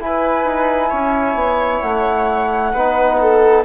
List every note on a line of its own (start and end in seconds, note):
0.00 0.45 E4
0.00 2.73 E4
0.00 0.90 B4
0.00 1.81 G#5
0.45 0.90 D#4
0.90 1.35 C#4
0.90 2.72 C#5
1.35 1.80 B3
1.81 2.74 A3
1.81 3.62 F#5
2.73 3.65 B3
2.73 3.65 D#4
2.73 3.18 B4
3.21 3.65 A4